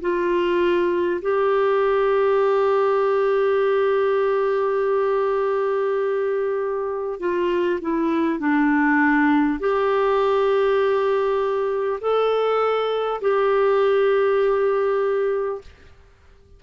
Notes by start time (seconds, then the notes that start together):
0.00 F4
1.21 G4
7.19 F4
7.81 E4
8.39 D4
9.59 G4
12.00 A4
13.21 G4